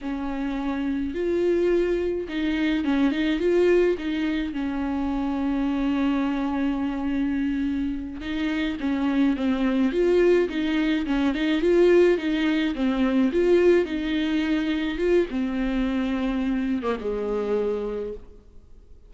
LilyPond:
\new Staff \with { instrumentName = "viola" } { \time 4/4 \tempo 4 = 106 cis'2 f'2 | dis'4 cis'8 dis'8 f'4 dis'4 | cis'1~ | cis'2~ cis'8 dis'4 cis'8~ |
cis'8 c'4 f'4 dis'4 cis'8 | dis'8 f'4 dis'4 c'4 f'8~ | f'8 dis'2 f'8 c'4~ | c'4.~ c'16 ais16 gis2 | }